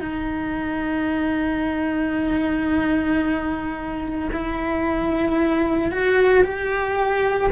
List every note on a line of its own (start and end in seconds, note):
0.00 4.29 D#4
4.32 5.91 E4
5.91 6.43 F#4
6.43 7.50 G4